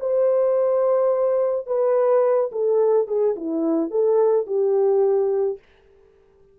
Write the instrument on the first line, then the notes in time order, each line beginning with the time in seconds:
horn
0.00 C5
1.67 B4
2.52 A4
3.08 G#4
3.36 E4
3.91 A4
4.47 G4